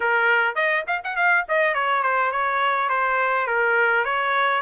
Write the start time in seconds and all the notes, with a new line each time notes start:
0.00 A#4
0.55 D#5
0.87 F5
1.04 F#5
1.15 F5
1.48 D#5
1.74 C#5
2.02 C5
2.31 C#5
2.89 C5
3.47 A#4
4.04 C#5